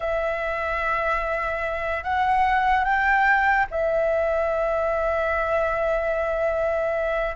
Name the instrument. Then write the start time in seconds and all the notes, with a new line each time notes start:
flute
0.00 E5
2.03 F#5
2.84 G5
3.71 E5